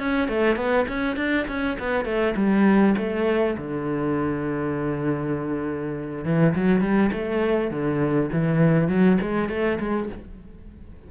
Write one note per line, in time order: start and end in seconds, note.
0.00 0.29 C#4
0.29 0.56 A3
0.56 0.86 B3
0.88 1.17 C#4
1.17 1.47 D4
1.48 1.78 C#4
1.80 2.05 B3
2.05 2.35 A3
2.37 2.96 G3
2.98 3.57 A3
3.58 6.25 D3
6.25 6.55 E3
6.56 6.81 F#3
6.81 7.11 G3
7.13 7.71 A3
7.71 8.31 D3
8.33 8.89 E3
8.89 9.19 F#3
9.22 9.50 G#3
9.50 9.79 A3
9.80 10.10 G#3